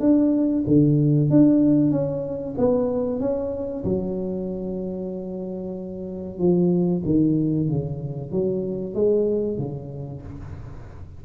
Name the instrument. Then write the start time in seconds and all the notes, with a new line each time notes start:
tuba
0.00 D4
0.66 D3
1.30 D4
1.91 C#4
2.58 B3
3.20 C#4
3.84 F#3
6.38 F3
7.05 D#3
7.68 C#3
8.31 F#3
8.94 G#3
9.58 C#3